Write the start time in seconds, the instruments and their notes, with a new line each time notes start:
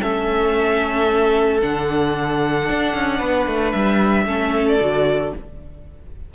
0.00 cello A3, viola C#4, violin A4 E5
1.61 cello D3, viola D4, violin F#5
2.69 cello D4
2.94 cello C#4
3.17 cello B3, violin B4
3.46 cello A3
3.71 cello G3, violin E5
4.26 cello A3, viola C#4, violin A4
4.68 violin D5
4.79 cello D3, viola F#4